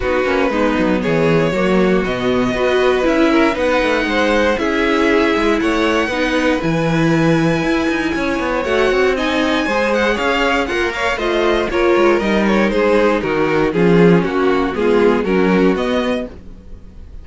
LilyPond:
<<
  \new Staff \with { instrumentName = "violin" } { \time 4/4 \tempo 4 = 118 b'2 cis''2 | dis''2 e''4 fis''4~ | fis''4 e''2 fis''4~ | fis''4 gis''2.~ |
gis''4 fis''4 gis''4. fis''8 | f''4 fis''8 f''8 dis''4 cis''4 | dis''8 cis''8 c''4 ais'4 gis'4 | fis'4 gis'4 ais'4 dis''4 | }
  \new Staff \with { instrumentName = "violin" } { \time 4/4 fis'4 dis'4 gis'4 fis'4~ | fis'4 b'4. ais'8 b'4 | c''4 gis'2 cis''4 | b'1 |
cis''2 dis''4 c''4 | cis''4 f'8 cis''8 f'4 ais'4~ | ais'4 gis'4 fis'4 f'4 | fis'4 f'4 fis'2 | }
  \new Staff \with { instrumentName = "viola" } { \time 4/4 dis'8 cis'8 b2 ais4 | b4 fis'4 e'4 dis'4~ | dis'4 e'2. | dis'4 e'2.~ |
e'4 fis'4 dis'4 gis'4~ | gis'4 ais'4 c''4 f'4 | dis'2. cis'4~ | cis'4 b4 cis'4 b4 | }
  \new Staff \with { instrumentName = "cello" } { \time 4/4 b8 ais8 gis8 fis8 e4 fis4 | b,4 b4 cis'4 b8 a8 | gis4 cis'4. gis8 a4 | b4 e2 e'8 dis'8 |
cis'8 b8 a8 c'4. gis4 | cis'4 ais4 a4 ais8 gis8 | g4 gis4 dis4 f4 | ais4 gis4 fis4 b4 | }
>>